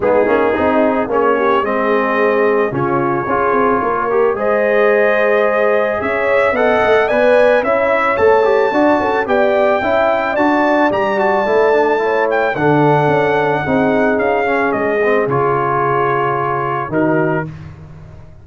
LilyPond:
<<
  \new Staff \with { instrumentName = "trumpet" } { \time 4/4 \tempo 4 = 110 gis'2 cis''4 dis''4~ | dis''4 cis''2. | dis''2. e''4 | fis''4 gis''4 e''4 a''4~ |
a''4 g''2 a''4 | ais''8 a''2 g''8 fis''4~ | fis''2 f''4 dis''4 | cis''2. ais'4 | }
  \new Staff \with { instrumentName = "horn" } { \time 4/4 dis'2 gis'8 g'8 gis'4~ | gis'4 f'4 gis'4 ais'4 | c''2. cis''4 | dis''4 d''4 cis''2 |
d''8 a'8 d''4 e''4 d''4~ | d''2 cis''4 a'4~ | a'4 gis'2.~ | gis'2. fis'4 | }
  \new Staff \with { instrumentName = "trombone" } { \time 4/4 b8 cis'8 dis'4 cis'4 c'4~ | c'4 cis'4 f'4. g'8 | gis'1 | a'4 b'4 e'4 a'8 g'8 |
fis'4 g'4 e'4 fis'4 | g'8 fis'8 e'8 d'8 e'4 d'4~ | d'4 dis'4. cis'4 c'8 | f'2. dis'4 | }
  \new Staff \with { instrumentName = "tuba" } { \time 4/4 gis8 ais8 c'4 ais4 gis4~ | gis4 cis4 cis'8 c'8 ais4 | gis2. cis'4 | b8 a8 b4 cis'4 a4 |
d'8 cis'8 b4 cis'4 d'4 | g4 a2 d4 | cis'4 c'4 cis'4 gis4 | cis2. dis4 | }
>>